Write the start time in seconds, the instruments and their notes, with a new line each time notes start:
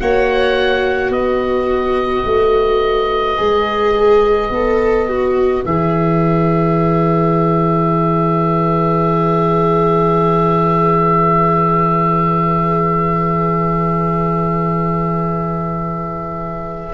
0.00 tuba A#3, viola F#4, violin C#5, oboe F#5
1.09 tuba B3, violin B4, oboe D#5
2.25 tuba A3
3.37 tuba G#3, viola G#4
4.50 tuba B3, viola A4
5.08 viola F#4
5.65 tuba E3, viola G#4, oboe E5